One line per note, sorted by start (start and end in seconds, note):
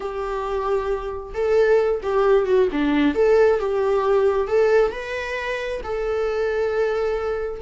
0.00 1.33 G4
1.34 2.01 A4
2.02 2.45 G4
2.45 2.68 F#4
2.72 3.14 D4
3.14 3.59 A4
3.59 4.47 G4
4.47 4.91 A4
4.91 5.81 B4
5.83 7.61 A4